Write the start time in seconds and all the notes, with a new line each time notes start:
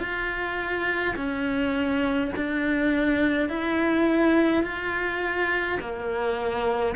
0.00 F4
1.16 C#4
2.37 D4
3.50 E4
4.64 F4
5.81 A#3